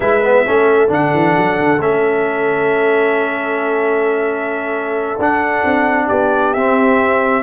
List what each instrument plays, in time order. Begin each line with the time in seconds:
0.00 tuba G#3, trombone E4, horn B4, trumpet E5
0.23 trombone B3
0.46 tuba A3, trombone C#4, horn A4
0.88 tuba D3, trombone D4, trumpet F#5
1.13 tuba E3
1.37 tuba F#3
1.59 tuba D3
1.78 tuba A3, trombone C#4, trumpet E5
5.18 tuba D4, trombone D4, trumpet F#5
5.63 tuba C4
6.07 tuba B3, horn G4, trumpet D5
6.53 tuba C4, trombone C4, trumpet E5